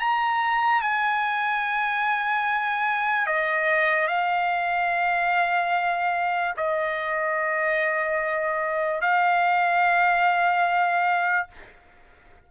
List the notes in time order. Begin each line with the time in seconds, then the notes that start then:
0.00 A#5
0.82 G#5
3.27 D#5
4.08 F5
6.57 D#5
9.01 F5